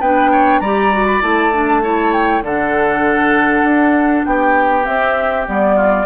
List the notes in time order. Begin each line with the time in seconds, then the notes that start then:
0.00 B3 D4 B4 G5
0.32 C#5
0.59 G3 G4 D5 A#5
0.93 F#4
1.06 B5
1.21 A3 E4 A5
1.53 D4
1.83 E4 C#5
2.12 G5
2.42 D3 D4 A4 F#5
3.63 D4
4.25 B3 G4 G5
4.84 C4 E5
5.45 G3 B3 D5
5.76 F4